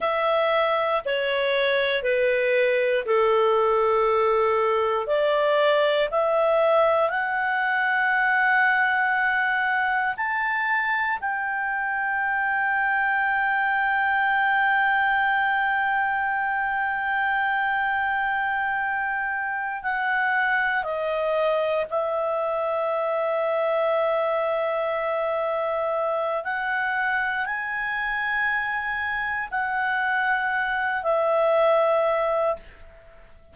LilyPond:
\new Staff \with { instrumentName = "clarinet" } { \time 4/4 \tempo 4 = 59 e''4 cis''4 b'4 a'4~ | a'4 d''4 e''4 fis''4~ | fis''2 a''4 g''4~ | g''1~ |
g''2.~ g''8 fis''8~ | fis''8 dis''4 e''2~ e''8~ | e''2 fis''4 gis''4~ | gis''4 fis''4. e''4. | }